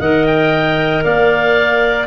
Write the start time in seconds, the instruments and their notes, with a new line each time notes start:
0.00 tuba D#3, clarinet A#4 D#5, oboe F#5
0.26 oboe G5
1.04 tuba A#3, clarinet D5, oboe F5